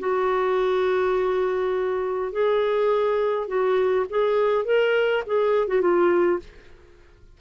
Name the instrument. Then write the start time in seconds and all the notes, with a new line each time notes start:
clarinet
0.00 F#4
2.32 G#4
3.48 F#4
4.10 G#4
4.65 A#4
5.27 G#4
5.68 F#4
5.81 F4